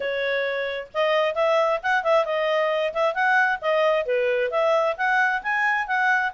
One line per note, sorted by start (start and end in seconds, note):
0.00 0.87 C#5
0.94 1.34 D#5
1.34 1.79 E5
1.83 2.03 F#5
2.03 2.25 E5
2.25 2.93 D#5
2.93 3.14 E5
3.14 3.59 F#5
3.61 4.05 D#5
4.05 4.50 B4
4.51 4.96 E5
4.97 5.42 F#5
5.42 5.87 G#5
5.87 6.32 F#5